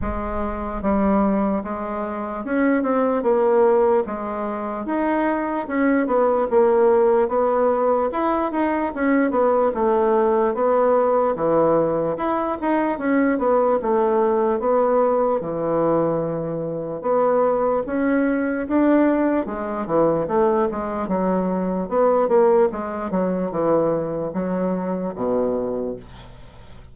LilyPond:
\new Staff \with { instrumentName = "bassoon" } { \time 4/4 \tempo 4 = 74 gis4 g4 gis4 cis'8 c'8 | ais4 gis4 dis'4 cis'8 b8 | ais4 b4 e'8 dis'8 cis'8 b8 | a4 b4 e4 e'8 dis'8 |
cis'8 b8 a4 b4 e4~ | e4 b4 cis'4 d'4 | gis8 e8 a8 gis8 fis4 b8 ais8 | gis8 fis8 e4 fis4 b,4 | }